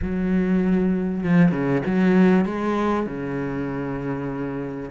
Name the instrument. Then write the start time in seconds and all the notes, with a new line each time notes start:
cello
0.02 F#3
1.23 F3
1.51 C#3
1.86 F#3
2.45 G#3
3.06 C#3